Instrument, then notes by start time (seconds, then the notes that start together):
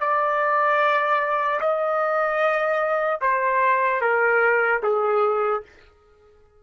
trumpet
0.00 D5
1.60 D#5
3.21 C5
4.01 A#4
4.83 G#4